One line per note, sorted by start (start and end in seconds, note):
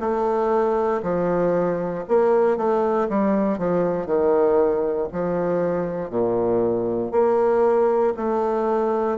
0.00 1.02 A3
1.03 2.04 F3
2.08 2.57 A#3
2.57 3.08 A3
3.09 3.58 G3
3.58 4.06 F3
4.06 5.08 D#3
5.13 6.10 F3
6.10 7.11 A#2
7.12 8.14 A#3
8.17 9.18 A3